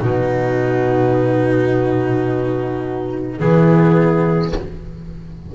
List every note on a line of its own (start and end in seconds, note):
0.00 3.40 B2
0.00 3.40 D#4
0.00 3.40 F#4
0.00 3.39 B4
3.39 4.54 E3
3.39 4.53 B3
3.39 4.55 E4
3.39 4.52 G#4